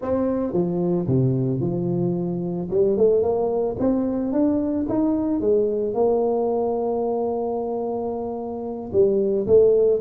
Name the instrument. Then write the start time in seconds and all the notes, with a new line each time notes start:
tuba
0.01 C4
0.52 F3
1.07 C3
1.60 F3
2.70 G3
2.97 A3
3.22 A#3
3.79 C4
4.32 D4
4.88 D#4
5.40 G#3
5.94 A#3
8.92 G3
9.46 A3